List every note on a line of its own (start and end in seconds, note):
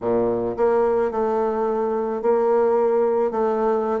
0.01 0.56 A#2
0.57 1.11 A#3
1.11 2.21 A3
2.21 3.31 A#3
3.31 4.00 A3